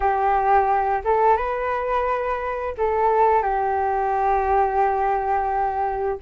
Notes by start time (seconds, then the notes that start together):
0.00 G4
1.04 A4
1.36 B4
2.77 A4
3.42 G4